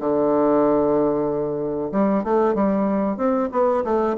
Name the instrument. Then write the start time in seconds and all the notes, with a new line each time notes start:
bassoon
0.00 D3
1.92 G3
2.24 A3
2.55 G3
3.17 C4
3.52 B3
3.84 A3